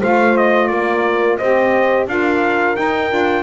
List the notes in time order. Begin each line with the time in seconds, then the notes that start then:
0.00 A3 F4 C5 F5
0.37 D#5
0.68 A#3 A#4 D5
1.38 C4 G4 C5 D#5
2.07 D4 F4 A#4 F5
2.76 D#4 G5
3.10 D4 F4